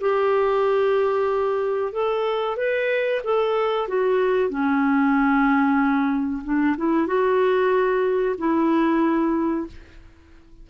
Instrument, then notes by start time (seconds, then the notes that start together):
clarinet
0.00 G4
1.92 A4
2.56 B4
3.24 A4
3.88 F#4
4.49 C#4
6.44 D4
6.77 E4
7.06 F#4
8.38 E4